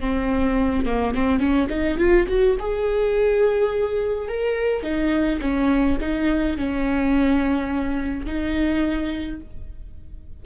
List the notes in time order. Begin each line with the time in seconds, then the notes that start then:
0.00 C4
0.85 A#3
1.14 C4
1.39 C#4
1.69 D#4
1.97 F4
2.28 F#4
2.59 G#4
4.28 A#4
4.82 D#4
5.41 C#4
6.00 D#4
6.57 C#4
8.25 D#4